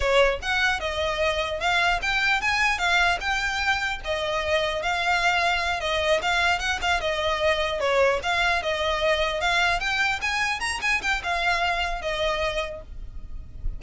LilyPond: \new Staff \with { instrumentName = "violin" } { \time 4/4 \tempo 4 = 150 cis''4 fis''4 dis''2 | f''4 g''4 gis''4 f''4 | g''2 dis''2 | f''2~ f''8 dis''4 f''8~ |
f''8 fis''8 f''8 dis''2 cis''8~ | cis''8 f''4 dis''2 f''8~ | f''8 g''4 gis''4 ais''8 gis''8 g''8 | f''2 dis''2 | }